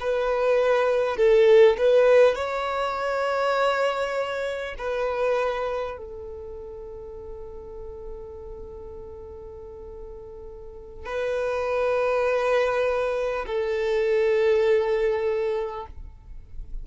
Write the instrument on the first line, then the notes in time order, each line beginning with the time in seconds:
violin
0.00 B4
1.16 A4
1.77 B4
2.35 C#5
4.78 B4
5.97 A4
11.05 B4
13.46 A4